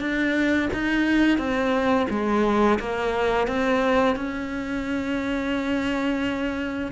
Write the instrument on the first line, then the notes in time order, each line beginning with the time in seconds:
cello
0.00 D4
0.73 D#4
1.38 C4
2.10 G#3
2.79 A#3
3.48 C4
4.16 C#4